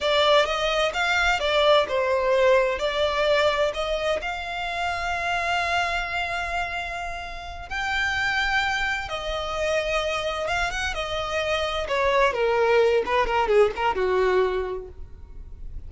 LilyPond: \new Staff \with { instrumentName = "violin" } { \time 4/4 \tempo 4 = 129 d''4 dis''4 f''4 d''4 | c''2 d''2 | dis''4 f''2.~ | f''1~ |
f''8 g''2. dis''8~ | dis''2~ dis''8 f''8 fis''8 dis''8~ | dis''4. cis''4 ais'4. | b'8 ais'8 gis'8 ais'8 fis'2 | }